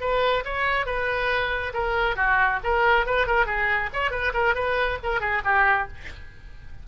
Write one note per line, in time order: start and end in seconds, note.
0.00 0.43 B4
0.45 0.86 C#5
0.86 1.73 B4
1.74 2.16 A#4
2.16 2.59 F#4
2.64 3.06 A#4
3.06 3.27 B4
3.27 3.46 A#4
3.46 3.90 G#4
3.93 4.10 C#5
4.10 4.32 B4
4.33 4.55 A#4
4.55 4.98 B4
5.03 5.20 A#4
5.20 5.42 G#4
5.44 5.88 G4